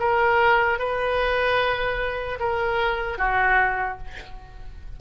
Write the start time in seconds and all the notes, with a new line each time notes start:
0.00 A#4
0.79 B4
2.40 A#4
3.18 F#4